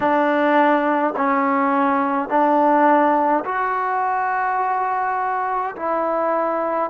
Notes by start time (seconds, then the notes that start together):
0.00 D4
1.16 C#4
2.28 D4
3.44 F#4
5.75 E4